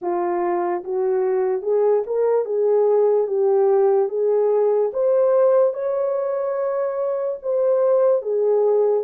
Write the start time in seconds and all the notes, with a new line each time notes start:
0.01 F4
0.84 F#4
1.62 G#4
2.06 A#4
2.45 G#4
3.27 G4
4.09 G#4
4.93 C5
5.73 C#5
7.42 C5
8.22 G#4